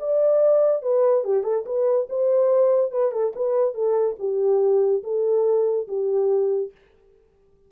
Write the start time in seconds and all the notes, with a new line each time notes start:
0.00 D5
0.83 B4
1.25 G4
1.44 A4
1.66 B4
2.10 C5
2.92 B4
3.12 A4
3.36 B4
3.75 A4
4.20 G4
5.04 A4
5.88 G4